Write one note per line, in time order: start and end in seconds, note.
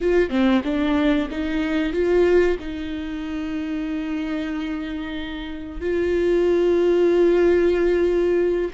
0.00 0.29 F4
0.29 0.61 C4
0.64 1.28 D4
1.30 1.92 D#4
1.92 2.57 F4
2.59 5.81 D#4
5.81 8.71 F4